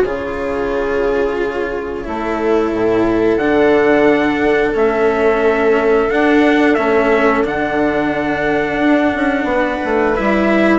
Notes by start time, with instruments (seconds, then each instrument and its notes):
0.00 bassoon C#3, cello F4, viola G#4, trumpet C#5
2.04 bassoon A3, cello E4, viola A4
2.72 bassoon A2
3.37 bassoon D3, cello D4, trumpet F#5
4.74 bassoon A3, cello C#4, trumpet E5
6.10 cello D4, bassoon D4, trumpet F#5
6.74 bassoon A3, cello C#4, trumpet E5
7.44 bassoon D3, cello D4, trumpet F#5
8.79 bassoon D4
9.14 bassoon C#4
9.43 bassoon B3
9.50 viola B4
9.84 bassoon A3
10.15 bassoon G3, cello E4, trumpet E5